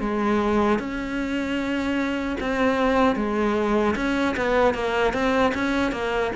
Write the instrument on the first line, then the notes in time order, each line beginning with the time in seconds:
cello
0.00 G#3
0.79 C#4
2.40 C4
3.16 G#3
3.96 C#4
4.37 B3
4.74 A#3
5.13 C4
5.54 C#4
5.92 A#3